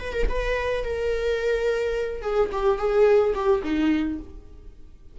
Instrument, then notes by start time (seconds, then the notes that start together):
viola
0.00 B4
0.13 A#4
0.29 B4
0.84 A#4
2.22 G#4
2.52 G4
2.78 G#4
3.35 G4
3.63 D#4